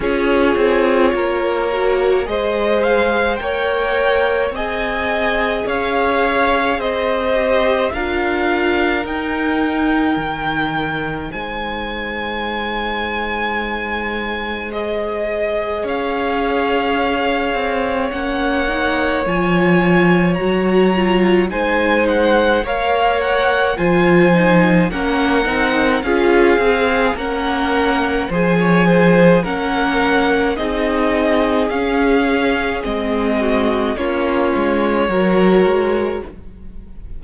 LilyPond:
<<
  \new Staff \with { instrumentName = "violin" } { \time 4/4 \tempo 4 = 53 cis''2 dis''8 f''8 g''4 | gis''4 f''4 dis''4 f''4 | g''2 gis''2~ | gis''4 dis''4 f''2 |
fis''4 gis''4 ais''4 gis''8 fis''8 | f''8 fis''8 gis''4 fis''4 f''4 | fis''4 gis''4 fis''4 dis''4 | f''4 dis''4 cis''2 | }
  \new Staff \with { instrumentName = "violin" } { \time 4/4 gis'4 ais'4 c''4 cis''4 | dis''4 cis''4 c''4 ais'4~ | ais'2 c''2~ | c''2 cis''2~ |
cis''2. c''4 | cis''4 c''4 ais'4 gis'4 | ais'4 c''16 cis''16 c''8 ais'4 gis'4~ | gis'4. fis'8 f'4 ais'4 | }
  \new Staff \with { instrumentName = "viola" } { \time 4/4 f'4. fis'8 gis'4 ais'4 | gis'2~ gis'8 g'8 f'4 | dis'1~ | dis'4 gis'2. |
cis'8 dis'8 f'4 fis'8 f'8 dis'4 | ais'4 f'8 dis'8 cis'8 dis'8 f'8 gis'8 | cis'4 gis'4 cis'4 dis'4 | cis'4 c'4 cis'4 fis'4 | }
  \new Staff \with { instrumentName = "cello" } { \time 4/4 cis'8 c'8 ais4 gis4 ais4 | c'4 cis'4 c'4 d'4 | dis'4 dis4 gis2~ | gis2 cis'4. c'8 |
ais4 f4 fis4 gis4 | ais4 f4 ais8 c'8 cis'8 c'8 | ais4 f4 ais4 c'4 | cis'4 gis4 ais8 gis8 fis8 gis8 | }
>>